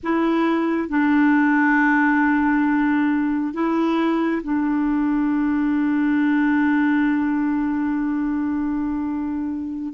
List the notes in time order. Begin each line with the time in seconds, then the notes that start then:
0.03 E4
0.88 D4
3.53 E4
4.43 D4